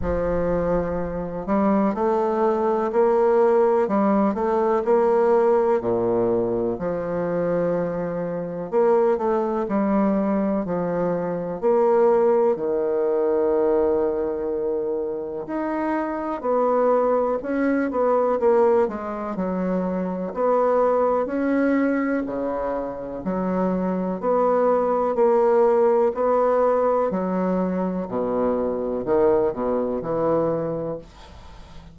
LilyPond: \new Staff \with { instrumentName = "bassoon" } { \time 4/4 \tempo 4 = 62 f4. g8 a4 ais4 | g8 a8 ais4 ais,4 f4~ | f4 ais8 a8 g4 f4 | ais4 dis2. |
dis'4 b4 cis'8 b8 ais8 gis8 | fis4 b4 cis'4 cis4 | fis4 b4 ais4 b4 | fis4 b,4 dis8 b,8 e4 | }